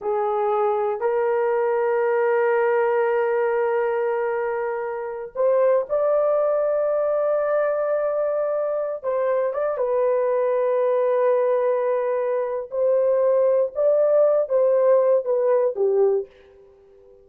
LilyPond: \new Staff \with { instrumentName = "horn" } { \time 4/4 \tempo 4 = 118 gis'2 ais'2~ | ais'1~ | ais'2~ ais'8 c''4 d''8~ | d''1~ |
d''4.~ d''16 c''4 d''8 b'8.~ | b'1~ | b'4 c''2 d''4~ | d''8 c''4. b'4 g'4 | }